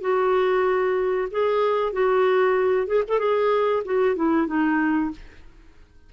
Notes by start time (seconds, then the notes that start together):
0.00 F#4
1.31 G#4
1.92 F#4
2.86 G#4
3.08 A4
3.19 G#4
3.85 F#4
4.15 E4
4.47 D#4